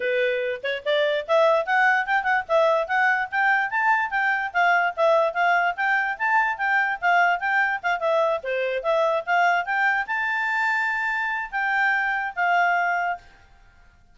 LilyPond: \new Staff \with { instrumentName = "clarinet" } { \time 4/4 \tempo 4 = 146 b'4. cis''8 d''4 e''4 | fis''4 g''8 fis''8 e''4 fis''4 | g''4 a''4 g''4 f''4 | e''4 f''4 g''4 a''4 |
g''4 f''4 g''4 f''8 e''8~ | e''8 c''4 e''4 f''4 g''8~ | g''8 a''2.~ a''8 | g''2 f''2 | }